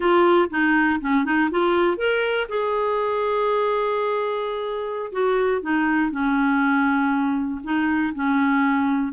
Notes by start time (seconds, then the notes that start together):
0.00 F4
0.50 D#4
1.00 C#4
1.24 D#4
1.50 F4
1.97 A#4
2.49 G#4
5.12 F#4
5.61 D#4
6.11 C#4
7.63 D#4
8.14 C#4